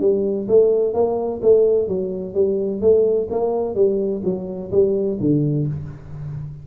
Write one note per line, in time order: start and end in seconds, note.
0.00 0.47 G3
0.48 0.94 A3
0.94 1.41 A#3
1.42 1.88 A3
1.88 2.34 F#3
2.34 2.81 G3
2.81 3.28 A3
3.30 3.75 A#3
3.75 4.22 G3
4.24 4.71 F#3
4.72 5.18 G3
5.20 5.67 D3